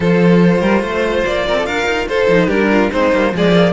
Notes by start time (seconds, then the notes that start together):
0.00 F3 F4 A4 C5
0.61 G3 A#4
0.81 A3 C5
1.25 A#3 D5
1.46 C4 A#4
1.57 A4
1.66 D4 A#4 F5
1.86 D#4
2.08 F4 A4 C5
2.28 F3 D#4
2.47 G3 D4 G4 A#4
2.71 F4
2.91 G#3 C4 D#4 C5
3.13 G3 A#3
3.32 F3 G#3 G#4 D5
3.52 A#3